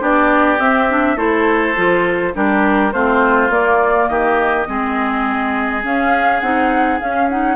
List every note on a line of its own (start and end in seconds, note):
0.00 0.59 B3
0.00 0.58 D4
0.00 1.16 G4
0.00 0.59 D5
0.59 1.17 C4
0.59 0.89 C4
0.59 1.18 E5
0.89 1.16 D4
1.16 1.75 A3
1.16 1.75 E4
1.16 2.33 A4
1.16 2.34 C5
1.76 2.35 F3
1.76 2.34 F4
2.34 2.93 G3
2.34 2.92 D4
2.34 2.93 G4
2.34 2.93 A#4
2.92 3.50 A3
2.92 3.50 C4
2.92 4.10 F4
2.92 3.51 C5
3.50 4.08 A#3
3.50 4.67 A#3
3.50 4.08 D5
4.08 4.67 D#3
4.08 4.68 G4
4.08 5.83 D#5
4.67 5.84 G#3
4.67 5.83 C4
4.67 7.56 G#4
5.83 6.41 C#4
5.83 6.42 C#4
5.83 6.40 F5
6.40 7.00 C4
6.40 7.00 D#4
6.40 6.99 F#5
7.00 7.29 C#4
7.00 7.56 C#4
7.00 7.29 F5
7.30 7.56 D#4
7.30 7.56 F#5